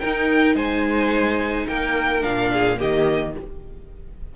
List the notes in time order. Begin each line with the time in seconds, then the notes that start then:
0.00 D#4 A#4 G5
0.56 G#3 C5 G#5
1.68 A#3 A#4 G5
2.22 A#2 D4 F5
2.53 G#4
2.78 D#3 A#3 G4 D#5